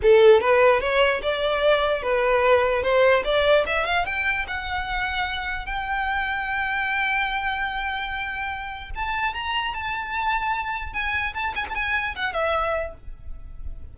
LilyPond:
\new Staff \with { instrumentName = "violin" } { \time 4/4 \tempo 4 = 148 a'4 b'4 cis''4 d''4~ | d''4 b'2 c''4 | d''4 e''8 f''8 g''4 fis''4~ | fis''2 g''2~ |
g''1~ | g''2 a''4 ais''4 | a''2. gis''4 | a''8 gis''16 a''16 gis''4 fis''8 e''4. | }